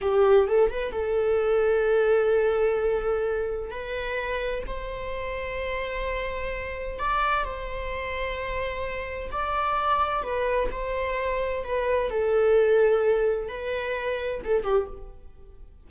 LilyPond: \new Staff \with { instrumentName = "viola" } { \time 4/4 \tempo 4 = 129 g'4 a'8 b'8 a'2~ | a'1 | b'2 c''2~ | c''2. d''4 |
c''1 | d''2 b'4 c''4~ | c''4 b'4 a'2~ | a'4 b'2 a'8 g'8 | }